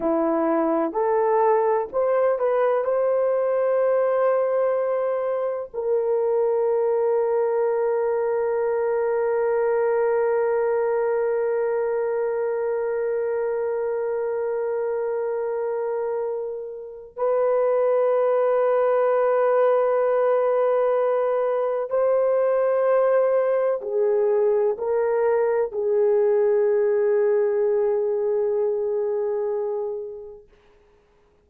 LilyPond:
\new Staff \with { instrumentName = "horn" } { \time 4/4 \tempo 4 = 63 e'4 a'4 c''8 b'8 c''4~ | c''2 ais'2~ | ais'1~ | ais'1~ |
ais'2 b'2~ | b'2. c''4~ | c''4 gis'4 ais'4 gis'4~ | gis'1 | }